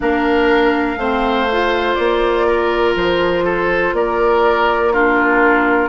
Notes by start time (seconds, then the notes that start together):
0.00 A#3 D4 A#4 F5
0.96 A3 C4 C5
1.51 F4
1.94 A#3 D5
2.47 A#4
2.95 F3 C5
3.44 A4
3.92 A#3 A#4 D5
4.92 D4 F4 A#4